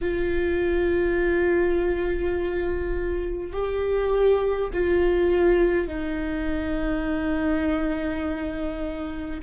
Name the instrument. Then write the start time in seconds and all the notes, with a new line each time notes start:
viola
0.01 F4
3.52 G4
4.73 F4
5.87 D#4